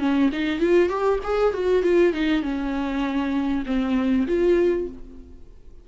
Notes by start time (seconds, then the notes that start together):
0.00 C#4
0.33 D#4
0.60 F4
0.90 G4
1.24 G#4
1.54 F#4
1.83 F4
2.13 D#4
2.43 C#4
3.67 C4
4.28 F4